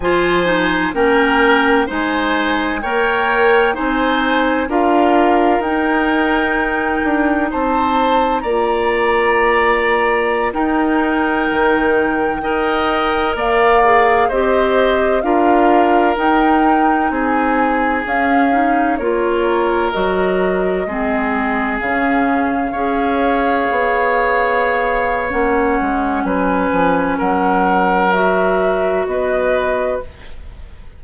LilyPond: <<
  \new Staff \with { instrumentName = "flute" } { \time 4/4 \tempo 4 = 64 gis''4 g''4 gis''4 g''4 | gis''4 f''4 g''2 | a''4 ais''2~ ais''16 g''8.~ | g''2~ g''16 f''4 dis''8.~ |
dis''16 f''4 g''4 gis''4 f''8.~ | f''16 cis''4 dis''2 f''8.~ | f''2. fis''4 | gis''4 fis''4 e''4 dis''4 | }
  \new Staff \with { instrumentName = "oboe" } { \time 4/4 c''4 ais'4 c''4 cis''4 | c''4 ais'2. | c''4 d''2~ d''16 ais'8.~ | ais'4~ ais'16 dis''4 d''4 c''8.~ |
c''16 ais'2 gis'4.~ gis'16~ | gis'16 ais'2 gis'4.~ gis'16~ | gis'16 cis''2.~ cis''8. | b'4 ais'2 b'4 | }
  \new Staff \with { instrumentName = "clarinet" } { \time 4/4 f'8 dis'8 cis'4 dis'4 ais'4 | dis'4 f'4 dis'2~ | dis'4 f'2~ f'16 dis'8.~ | dis'4~ dis'16 ais'4. gis'8 g'8.~ |
g'16 f'4 dis'2 cis'8 dis'16~ | dis'16 f'4 fis'4 c'4 cis'8.~ | cis'16 gis'2~ gis'8. cis'4~ | cis'2 fis'2 | }
  \new Staff \with { instrumentName = "bassoon" } { \time 4/4 f4 ais4 gis4 ais4 | c'4 d'4 dis'4. d'8 | c'4 ais2~ ais16 dis'8.~ | dis'16 dis4 dis'4 ais4 c'8.~ |
c'16 d'4 dis'4 c'4 cis'8.~ | cis'16 ais4 fis4 gis4 cis8.~ | cis16 cis'4 b4.~ b16 ais8 gis8 | fis8 f8 fis2 b4 | }
>>